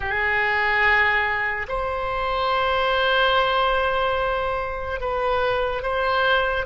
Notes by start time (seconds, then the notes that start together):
0.00 G#4
1.68 C5
5.00 B4
5.82 C5